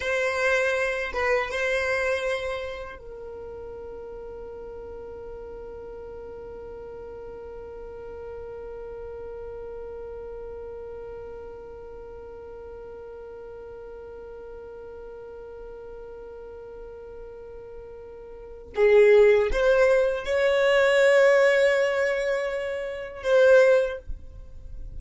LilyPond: \new Staff \with { instrumentName = "violin" } { \time 4/4 \tempo 4 = 80 c''4. b'8 c''2 | ais'1~ | ais'1~ | ais'1~ |
ais'1~ | ais'1~ | ais'4 gis'4 c''4 cis''4~ | cis''2. c''4 | }